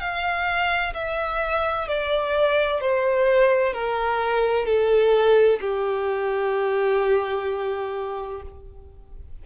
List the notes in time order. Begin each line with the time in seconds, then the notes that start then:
0.00 F5
0.94 E5
1.88 D5
2.81 C5
3.74 A#4
4.66 A4
5.61 G4